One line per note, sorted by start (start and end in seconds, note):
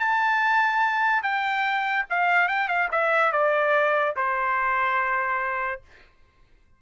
0.00 1.23 A5
1.23 2.06 G5
2.10 2.49 F5
2.49 2.69 G5
2.69 2.89 F5
2.92 3.33 E5
3.33 4.16 D5
4.17 5.82 C5